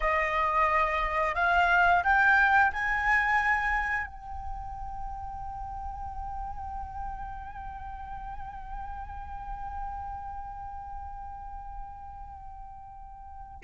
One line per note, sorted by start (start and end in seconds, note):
0.00 1.35 D#5
1.35 2.03 F5
2.03 2.71 G5
2.72 4.06 G#5
4.06 13.61 G5